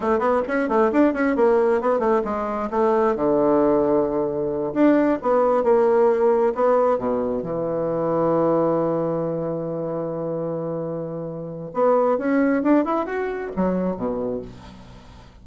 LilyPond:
\new Staff \with { instrumentName = "bassoon" } { \time 4/4 \tempo 4 = 133 a8 b8 cis'8 a8 d'8 cis'8 ais4 | b8 a8 gis4 a4 d4~ | d2~ d8 d'4 b8~ | b8 ais2 b4 b,8~ |
b,8 e2.~ e8~ | e1~ | e2 b4 cis'4 | d'8 e'8 fis'4 fis4 b,4 | }